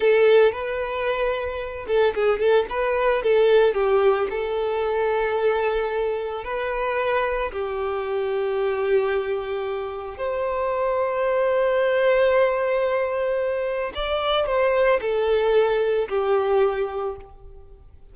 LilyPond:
\new Staff \with { instrumentName = "violin" } { \time 4/4 \tempo 4 = 112 a'4 b'2~ b'8 a'8 | gis'8 a'8 b'4 a'4 g'4 | a'1 | b'2 g'2~ |
g'2. c''4~ | c''1~ | c''2 d''4 c''4 | a'2 g'2 | }